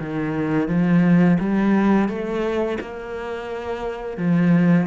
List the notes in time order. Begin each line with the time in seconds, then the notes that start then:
0.00 D#3
0.68 F3
1.40 G3
2.09 A3
2.81 A#3
4.17 F3